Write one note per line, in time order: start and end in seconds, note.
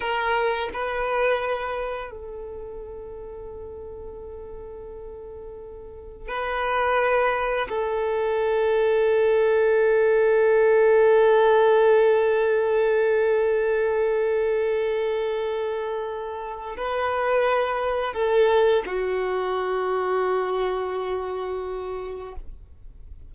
0.00 0.69 A#4
0.73 2.10 B4
2.10 6.28 A4
6.28 7.67 B4
7.69 16.76 A4
16.77 18.13 B4
18.13 18.83 A4
18.86 22.34 F#4